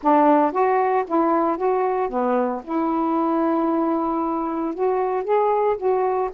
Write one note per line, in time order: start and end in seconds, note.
0.02 0.51 D4
0.51 1.04 F#4
1.07 1.57 E4
1.57 2.09 F#4
2.09 2.61 B3
2.63 4.74 E4
4.74 5.24 F#4
5.24 5.76 G#4
5.77 6.30 F#4